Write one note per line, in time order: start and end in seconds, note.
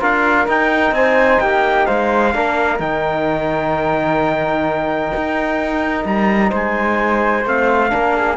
0.00 0.47 D4
0.00 0.47 F4
0.00 0.94 A#4
0.00 0.49 F5
0.47 2.33 D#4
0.47 0.91 D#4
0.47 0.94 G5
0.91 1.38 C4
0.91 1.42 C5
0.91 1.40 G#5
1.40 1.87 A#3
1.40 1.87 G4
1.40 1.86 G5
1.86 2.35 G#3
1.86 2.33 C5
1.86 2.79 F5
2.33 2.79 A#3
2.33 2.79 D4
2.33 6.50 A#4
2.79 5.12 D#3
2.79 7.44 D#4
2.79 6.05 G5
5.16 6.05 D#4
6.05 6.51 G3
6.05 6.52 A#5
6.50 7.45 G#3
6.50 7.89 C5
6.50 7.47 G#5
7.45 7.91 A3
7.45 7.89 C4
7.45 8.37 F5
7.89 8.37 A#3
7.89 8.36 D4
7.89 8.16 A#4
8.16 8.37 G#4